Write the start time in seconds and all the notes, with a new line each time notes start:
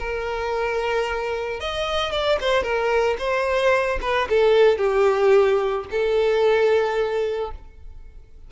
0.00 A#4
1.60 D#5
2.12 D5
2.41 C5
2.63 A#4
3.19 C5
4.02 B4
4.30 A4
4.78 G4
5.91 A4